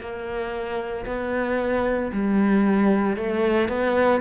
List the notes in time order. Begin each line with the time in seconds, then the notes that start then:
0.00 A#3
1.06 B3
2.12 G3
3.16 A3
3.68 B3